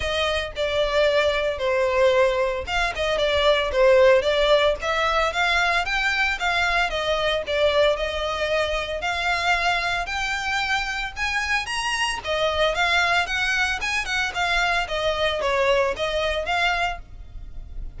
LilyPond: \new Staff \with { instrumentName = "violin" } { \time 4/4 \tempo 4 = 113 dis''4 d''2 c''4~ | c''4 f''8 dis''8 d''4 c''4 | d''4 e''4 f''4 g''4 | f''4 dis''4 d''4 dis''4~ |
dis''4 f''2 g''4~ | g''4 gis''4 ais''4 dis''4 | f''4 fis''4 gis''8 fis''8 f''4 | dis''4 cis''4 dis''4 f''4 | }